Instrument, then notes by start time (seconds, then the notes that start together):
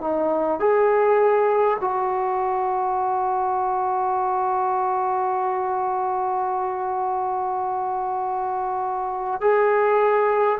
trombone
0.00 D#4
0.59 G#4
1.80 F#4
9.41 G#4